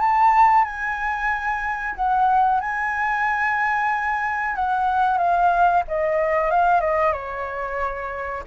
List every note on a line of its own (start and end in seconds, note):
0.00 0.65 A5
0.65 1.95 G#5
1.95 2.60 F#5
2.60 4.55 G#5
4.55 5.18 F#5
5.18 5.83 F5
5.88 6.50 D#5
6.50 6.80 F5
6.80 7.13 D#5
7.13 8.43 C#5